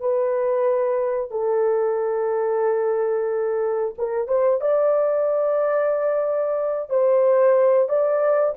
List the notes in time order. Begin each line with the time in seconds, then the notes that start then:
0.00 B4
1.31 A4
3.98 A#4
4.28 C5
4.61 D5
6.90 C5
7.89 D5